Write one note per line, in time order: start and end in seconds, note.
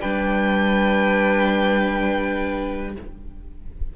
0.00 2.96 G3
0.00 2.96 D4
0.00 2.93 B4
0.00 2.93 G5